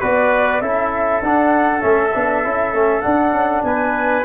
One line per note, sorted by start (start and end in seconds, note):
0.00 0.61 B3
0.00 0.62 F#4
0.00 0.61 B4
0.00 0.61 D5
0.61 1.21 C#4
0.61 1.22 E4
0.61 3.64 A4
0.61 1.21 E5
1.22 1.83 D4
1.22 1.80 D4
1.22 1.81 F#5
1.80 2.13 A3
1.80 2.10 C#4
1.80 3.01 E5
2.14 2.44 B3
2.14 2.43 D4
2.43 2.73 C#4
2.43 2.74 E4
2.73 3.03 A3
2.73 3.02 C#4
3.01 4.23 D4
3.01 3.32 D4
3.01 3.61 F#5
3.32 3.62 C#4
3.63 4.24 B3
3.63 4.24 B4
3.63 4.24 G#5